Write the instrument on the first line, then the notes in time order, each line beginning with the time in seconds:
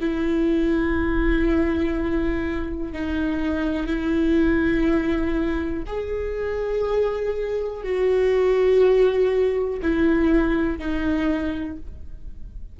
viola
0.00 E4
2.92 D#4
3.87 E4
5.86 G#4
7.83 F#4
9.82 E4
10.78 D#4